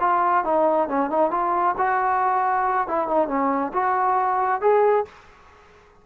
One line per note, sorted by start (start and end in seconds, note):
0.00 0.44 F4
0.44 0.88 D#4
0.88 1.10 C#4
1.10 1.31 D#4
1.31 1.75 F4
1.77 2.88 F#4
2.88 3.07 E4
3.07 3.27 D#4
3.27 3.72 C#4
3.73 4.61 F#4
4.61 5.05 G#4